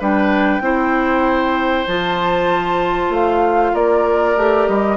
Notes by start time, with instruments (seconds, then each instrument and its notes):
0.00 bassoon G3, clarinet D4, oboe B4, flute G5
0.61 bassoon C4, clarinet E4, oboe C5
1.87 bassoon F3, clarinet F4, flute A5
3.10 bassoon A3, flute F5
3.74 bassoon A#3, oboe A#4, flute D5
4.37 bassoon A3, clarinet G4
4.68 bassoon G3, flute D#5